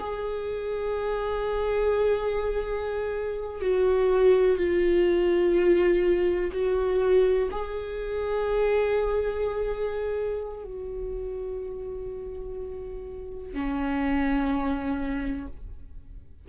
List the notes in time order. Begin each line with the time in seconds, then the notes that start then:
0.00 G#4
3.62 F#4
4.57 F4
6.53 F#4
7.51 G#4
10.64 F#4
13.54 C#4